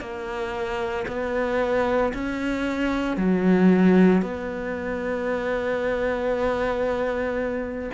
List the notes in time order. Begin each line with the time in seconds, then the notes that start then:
0.00 A#3
1.07 B3
2.13 C#4
3.17 F#3
4.22 B3